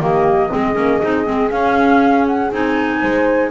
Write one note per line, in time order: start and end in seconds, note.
0.00 0.50 D#3
0.00 0.50 A#3
0.00 0.50 G4
0.00 1.51 D#5
0.50 0.77 G#3
0.50 0.74 C4
0.50 3.00 G#4
0.74 1.02 A#3
0.74 0.99 C#4
1.02 1.27 C4
1.02 1.25 D#4
1.25 1.51 G#3
1.25 1.50 C4
1.51 2.51 C#4
1.51 2.26 F5
2.27 2.52 F#5
2.52 3.02 C4
2.52 3.51 D#4
2.52 3.51 G#5
3.01 3.51 G#3
3.01 3.51 C5